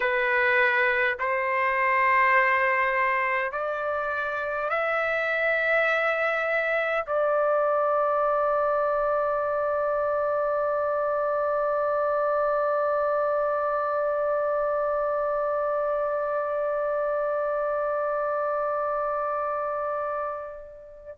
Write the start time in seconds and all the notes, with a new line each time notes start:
0.00 B4
1.19 C5
3.51 D5
4.70 E5
7.06 D5